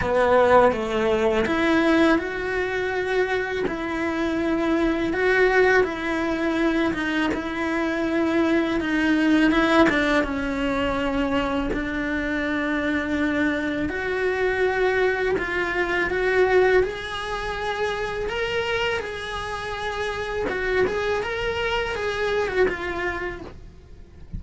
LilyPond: \new Staff \with { instrumentName = "cello" } { \time 4/4 \tempo 4 = 82 b4 a4 e'4 fis'4~ | fis'4 e'2 fis'4 | e'4. dis'8 e'2 | dis'4 e'8 d'8 cis'2 |
d'2. fis'4~ | fis'4 f'4 fis'4 gis'4~ | gis'4 ais'4 gis'2 | fis'8 gis'8 ais'4 gis'8. fis'16 f'4 | }